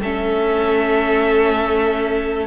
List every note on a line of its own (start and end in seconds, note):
0.00 2.47 A3
0.00 2.47 C#4
0.00 2.47 A4
0.00 2.47 E5